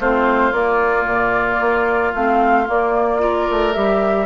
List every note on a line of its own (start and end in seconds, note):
0.00 0.52 A3
0.00 0.53 C4
0.00 3.22 F4
0.00 0.53 C5
0.52 1.05 A#3
0.52 2.14 A#3
0.52 2.14 D5
1.05 1.59 A#2
1.61 2.14 A#3
2.14 2.68 A3
2.14 2.66 C4
2.14 2.68 F5
2.66 3.19 A#3
2.66 3.49 A#3
2.66 3.74 D5
3.19 3.73 F4
3.19 4.27 A#4
3.51 3.76 A3
3.74 4.27 G3
3.74 4.27 G4
3.74 4.27 E5